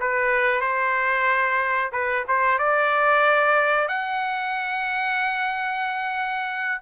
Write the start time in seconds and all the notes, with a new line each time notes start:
0.00 B4
0.61 C5
1.92 B4
2.28 C5
2.58 D5
3.88 F#5